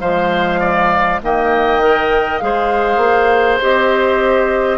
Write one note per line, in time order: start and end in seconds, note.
0.00 1.21 F3
0.00 1.23 G#3
0.00 0.60 C5
0.00 1.20 F5
0.60 1.20 D5
1.23 2.42 D#3
1.23 1.81 A#3
1.23 2.44 D#5
1.23 2.38 G5
1.81 2.41 A#4
2.38 2.97 G#3
2.38 3.61 G#4
2.38 4.78 C5
2.38 3.58 F5
2.97 3.57 A#3
3.61 4.78 C4
3.61 4.78 G4
3.61 4.78 D#5